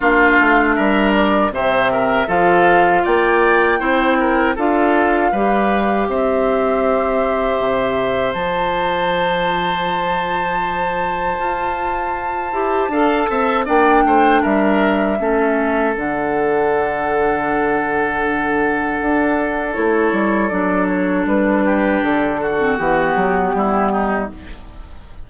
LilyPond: <<
  \new Staff \with { instrumentName = "flute" } { \time 4/4 \tempo 4 = 79 f''4 e''8 d''8 e''4 f''4 | g''2 f''2 | e''2. a''4~ | a''1~ |
a''2 g''4 e''4~ | e''4 fis''2.~ | fis''2 cis''4 d''8 cis''8 | b'4 a'4 g'2 | }
  \new Staff \with { instrumentName = "oboe" } { \time 4/4 f'4 ais'4 c''8 ais'8 a'4 | d''4 c''8 ais'8 a'4 b'4 | c''1~ | c''1~ |
c''4 f''8 e''8 d''8 c''8 ais'4 | a'1~ | a'1~ | a'8 g'4 fis'4. e'8 dis'8 | }
  \new Staff \with { instrumentName = "clarinet" } { \time 4/4 d'2 c'4 f'4~ | f'4 e'4 f'4 g'4~ | g'2. f'4~ | f'1~ |
f'8 g'8 a'4 d'2 | cis'4 d'2.~ | d'2 e'4 d'4~ | d'4.~ d'16 c'16 b2 | }
  \new Staff \with { instrumentName = "bassoon" } { \time 4/4 ais8 a8 g4 c4 f4 | ais4 c'4 d'4 g4 | c'2 c4 f4~ | f2. f'4~ |
f'8 e'8 d'8 c'8 ais8 a8 g4 | a4 d2.~ | d4 d'4 a8 g8 fis4 | g4 d4 e8 fis8 g4 | }
>>